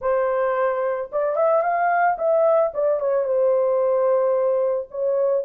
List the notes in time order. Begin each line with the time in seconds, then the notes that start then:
0.01 C5
1.12 D5
1.35 E5
1.62 F5
2.17 E5
2.73 D5
3.00 C#5
3.24 C5
4.90 C#5